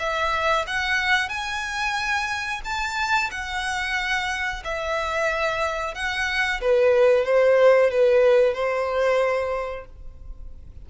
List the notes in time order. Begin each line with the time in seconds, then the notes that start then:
0.00 E5
0.67 F#5
1.29 G#5
2.65 A5
3.31 F#5
4.64 E5
5.95 F#5
6.61 B4
7.25 C5
7.91 B4
8.54 C5